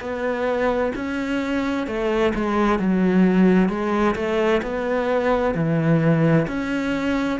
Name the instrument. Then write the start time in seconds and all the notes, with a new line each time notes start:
cello
0.00 B3
0.95 C#4
1.87 A3
2.35 G#3
2.79 F#3
3.69 G#3
4.15 A3
4.62 B3
5.54 E3
6.47 C#4